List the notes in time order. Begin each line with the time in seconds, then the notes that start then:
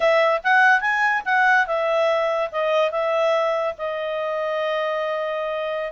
0.00 E5
0.43 F#5
0.80 G#5
1.25 F#5
1.66 E5
2.51 D#5
2.91 E5
3.78 D#5